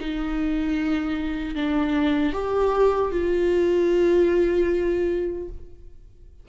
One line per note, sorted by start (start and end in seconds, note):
0.00 1.55 D#4
1.55 2.33 D4
2.33 3.11 G4
3.11 5.48 F4